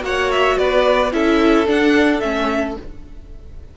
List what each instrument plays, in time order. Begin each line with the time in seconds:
0.00 cello A#3, viola F#4, violin C#5 F#5
0.32 violin E5
0.58 cello B3, violin B4 D5
1.12 cello C#4, viola E4, violin A4 E5
1.66 viola D4, cello D4, violin F#5
2.20 cello A3, viola C#4, violin E5